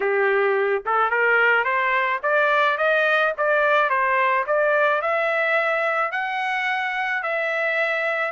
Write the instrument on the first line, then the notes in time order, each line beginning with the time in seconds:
trumpet
0.00 G4
0.85 A4
1.10 A#4
1.64 C5
2.22 D5
2.77 D#5
3.37 D5
3.89 C5
4.46 D5
5.01 E5
6.11 F#5
7.22 E5